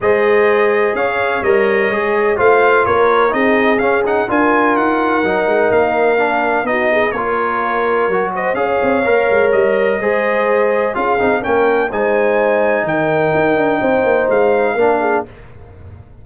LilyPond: <<
  \new Staff \with { instrumentName = "trumpet" } { \time 4/4 \tempo 4 = 126 dis''2 f''4 dis''4~ | dis''4 f''4 cis''4 dis''4 | f''8 fis''8 gis''4 fis''2 | f''2 dis''4 cis''4~ |
cis''4. dis''8 f''2 | dis''2. f''4 | g''4 gis''2 g''4~ | g''2 f''2 | }
  \new Staff \with { instrumentName = "horn" } { \time 4/4 c''2 cis''2~ | cis''4 c''4 ais'4 gis'4~ | gis'4 ais'2.~ | ais'2 fis'8 gis'8 ais'4~ |
ais'4. c''8 cis''2~ | cis''4 c''2 gis'4 | ais'4 c''2 ais'4~ | ais'4 c''2 ais'8 gis'8 | }
  \new Staff \with { instrumentName = "trombone" } { \time 4/4 gis'2. ais'4 | gis'4 f'2 dis'4 | cis'8 dis'8 f'2 dis'4~ | dis'4 d'4 dis'4 f'4~ |
f'4 fis'4 gis'4 ais'4~ | ais'4 gis'2 f'8 dis'8 | cis'4 dis'2.~ | dis'2. d'4 | }
  \new Staff \with { instrumentName = "tuba" } { \time 4/4 gis2 cis'4 g4 | gis4 a4 ais4 c'4 | cis'4 d'4 dis'4 fis8 gis8 | ais2 b4 ais4~ |
ais4 fis4 cis'8 c'8 ais8 gis8 | g4 gis2 cis'8 c'8 | ais4 gis2 dis4 | dis'8 d'8 c'8 ais8 gis4 ais4 | }
>>